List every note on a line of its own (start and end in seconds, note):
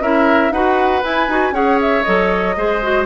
0.00 0.50 C#4
0.00 0.53 E4
0.00 0.52 A#4
0.00 0.52 E5
0.50 1.01 D#4
0.50 1.02 F#4
0.50 1.54 B4
0.50 1.03 F#5
1.02 1.28 E4
1.02 1.53 G#5
1.28 1.51 D#4
1.28 1.53 F#4
1.51 2.02 C#4
1.51 2.04 G#4
1.51 2.56 C#5
1.51 1.79 F#5
1.81 2.03 E5
2.03 2.56 F#3
2.03 2.56 A4
2.03 3.04 D#5
2.56 3.06 G#3
2.56 2.82 G#4
2.56 3.06 C5
2.82 3.06 F#4